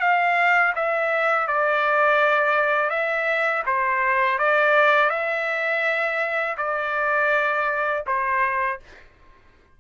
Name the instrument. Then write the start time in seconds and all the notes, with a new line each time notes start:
trumpet
0.00 F5
0.75 E5
1.47 D5
2.90 E5
3.66 C5
4.38 D5
5.10 E5
6.57 D5
8.06 C5